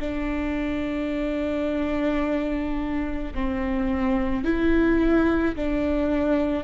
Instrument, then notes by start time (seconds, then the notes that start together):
viola
0.00 D4
3.34 C4
4.44 E4
5.56 D4